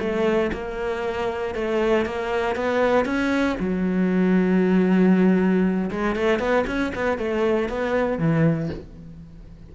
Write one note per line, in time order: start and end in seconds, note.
0.00 0.51 A3
0.53 1.55 A#3
1.55 2.06 A3
2.06 2.56 A#3
2.56 3.06 B3
3.06 3.57 C#4
3.60 5.91 F#3
5.91 6.16 G#3
6.16 6.40 A3
6.40 6.65 B3
6.67 6.93 C#4
6.95 7.18 B3
7.18 7.69 A3
7.69 8.19 B3
8.19 8.70 E3